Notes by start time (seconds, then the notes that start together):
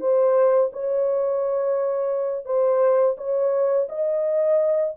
0.00 C5
0.73 C#5
2.45 C5
3.17 C#5
3.89 D#5